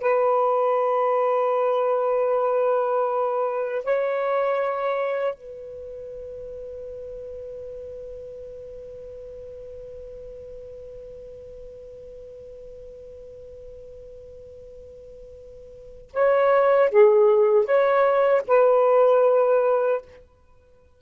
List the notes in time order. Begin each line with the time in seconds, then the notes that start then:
0.00 B4
3.84 C#5
5.34 B4
16.13 C#5
16.91 G#4
17.65 C#5
18.47 B4